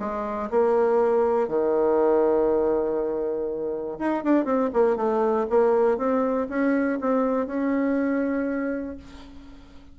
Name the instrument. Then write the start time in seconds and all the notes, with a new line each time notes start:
bassoon
0.00 G#3
0.51 A#3
1.49 D#3
3.99 D#4
4.24 D4
4.45 C4
4.74 A#3
4.97 A3
5.50 A#3
5.98 C4
6.50 C#4
7.01 C4
7.47 C#4